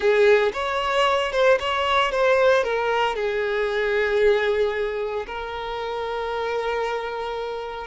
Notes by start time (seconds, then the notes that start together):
0.00 G#4
0.53 C#5
1.32 C5
1.59 C#5
2.11 C5
2.63 A#4
3.15 G#4
5.26 A#4